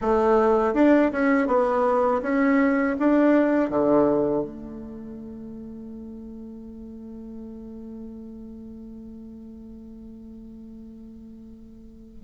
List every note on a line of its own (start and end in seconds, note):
0.01 0.74 A3
0.74 1.11 D4
1.11 1.46 C#4
1.46 2.21 B3
2.22 2.96 C#4
2.99 3.70 D4
3.70 4.43 D3
4.43 12.21 A3